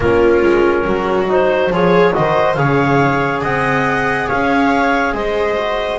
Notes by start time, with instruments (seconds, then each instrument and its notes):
0.00 double bass A#3, trombone C#4, viola F4, clarinet A#4
0.42 double bass G#3
0.85 double bass F#3, viola F#4
1.27 trombone D#4, clarinet C5
1.69 double bass F3, trombone F4, viola G#4, clarinet C#5
2.12 double bass D#3, trombone F#4, viola C5, clarinet D#5
2.54 double bass C#3, trombone G#4, viola C#5, clarinet F5
3.41 double bass C4, viola D#5, clarinet F#5
4.27 double bass C#4, viola C#5, clarinet F5
5.13 double bass G#3, viola C5, clarinet D#5
5.57 trombone F#4